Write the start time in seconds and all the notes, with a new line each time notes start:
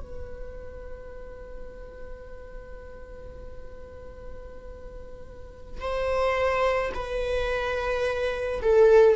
0.00 B4
5.81 C5
6.94 B4
8.62 A4